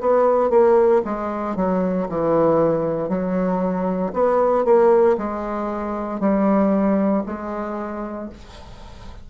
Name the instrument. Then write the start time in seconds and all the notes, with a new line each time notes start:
bassoon
0.00 B3
0.50 A#3
1.05 G#3
1.56 F#3
2.09 E3
3.09 F#3
4.13 B3
4.65 A#3
5.17 G#3
6.20 G3
7.26 G#3